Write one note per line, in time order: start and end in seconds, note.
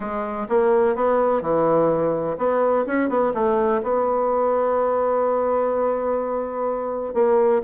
0.00 0.47 G#3
0.48 0.95 A#3
0.95 1.41 B3
1.41 2.36 E3
2.37 2.85 B3
2.86 3.09 C#4
3.09 3.32 B3
3.34 3.81 A3
3.82 7.13 B3
7.13 7.61 A#3